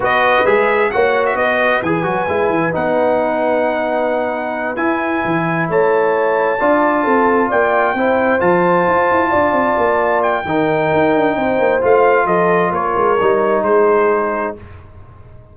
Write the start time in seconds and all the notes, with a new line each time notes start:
0.00 B3 F#4 B4 D#5
0.45 G#3 G#4 E5
0.91 A#3 F#4 C#5 F#5
1.26 E5
1.34 B3 B4 D#5
1.82 E3 G#4 G#5
2.03 F#3 F#4
2.28 G#3 E4
2.49 E3
2.72 B3 D#4 F#5
4.76 E4 G#5
5.24 E3
5.68 A3 C#5 A5
6.59 D4 F4 D5
7.04 C4 A4
7.48 A#3 D5 G5
7.94 C4 E4 C5
8.39 F3 F4 A5
8.87 F4
9.11 E4
9.29 D4 D5
9.52 C4
9.77 A#3
10.22 G5
10.44 D#3 D#4 A#4
10.93 D#4
11.14 D4
11.36 C4 C5
11.58 A#3
11.81 A3 F4 F5
12.25 F3 A4 D#5
12.71 A#3 A#4 C#5
12.96 G#3
13.20 G3 D#4
13.62 G#3 G#4 C5